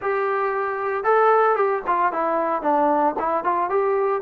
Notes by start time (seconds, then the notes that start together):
0.01 G4
1.04 A4
1.56 G4
1.87 F4
2.12 E4
2.62 D4
3.19 E4
3.44 F4
3.69 G4